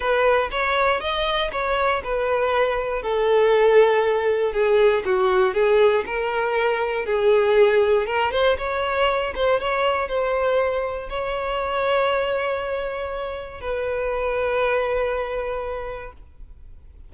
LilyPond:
\new Staff \with { instrumentName = "violin" } { \time 4/4 \tempo 4 = 119 b'4 cis''4 dis''4 cis''4 | b'2 a'2~ | a'4 gis'4 fis'4 gis'4 | ais'2 gis'2 |
ais'8 c''8 cis''4. c''8 cis''4 | c''2 cis''2~ | cis''2. b'4~ | b'1 | }